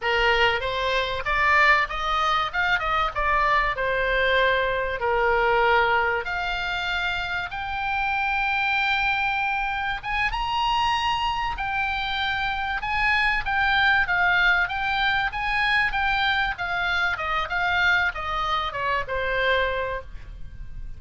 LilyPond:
\new Staff \with { instrumentName = "oboe" } { \time 4/4 \tempo 4 = 96 ais'4 c''4 d''4 dis''4 | f''8 dis''8 d''4 c''2 | ais'2 f''2 | g''1 |
gis''8 ais''2 g''4.~ | g''8 gis''4 g''4 f''4 g''8~ | g''8 gis''4 g''4 f''4 dis''8 | f''4 dis''4 cis''8 c''4. | }